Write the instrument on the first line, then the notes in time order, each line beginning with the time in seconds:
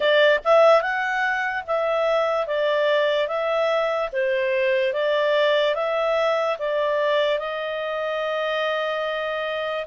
clarinet
0.00 D5
0.44 E5
0.81 F#5
1.67 E5
2.47 D5
3.27 E5
4.12 C5
4.93 D5
5.75 E5
6.59 D5
7.39 D#5